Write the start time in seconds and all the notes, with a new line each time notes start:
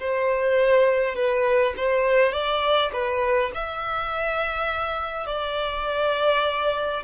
0.00 C5
1.16 B4
1.78 C5
2.33 D5
2.93 B4
3.55 E5
5.27 D5